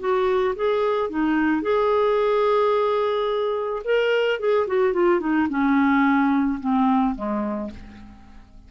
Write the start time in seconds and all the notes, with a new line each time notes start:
0.00 F#4
0.56 G#4
1.10 D#4
1.63 G#4
3.85 A#4
4.40 G#4
4.68 F#4
4.94 F4
5.21 D#4
5.50 C#4
6.61 C4
7.16 G#3